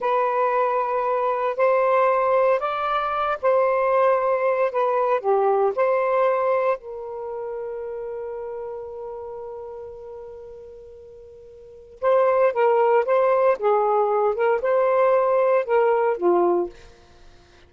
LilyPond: \new Staff \with { instrumentName = "saxophone" } { \time 4/4 \tempo 4 = 115 b'2. c''4~ | c''4 d''4. c''4.~ | c''4 b'4 g'4 c''4~ | c''4 ais'2.~ |
ais'1~ | ais'2. c''4 | ais'4 c''4 gis'4. ais'8 | c''2 ais'4 f'4 | }